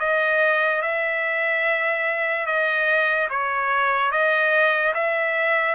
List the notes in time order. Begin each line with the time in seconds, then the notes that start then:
0.00 D#5
0.82 E5
2.46 D#5
3.30 C#5
4.11 D#5
4.94 E5